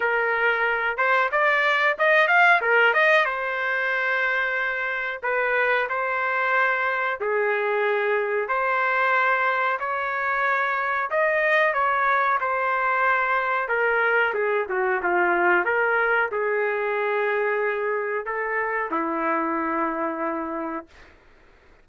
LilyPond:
\new Staff \with { instrumentName = "trumpet" } { \time 4/4 \tempo 4 = 92 ais'4. c''8 d''4 dis''8 f''8 | ais'8 dis''8 c''2. | b'4 c''2 gis'4~ | gis'4 c''2 cis''4~ |
cis''4 dis''4 cis''4 c''4~ | c''4 ais'4 gis'8 fis'8 f'4 | ais'4 gis'2. | a'4 e'2. | }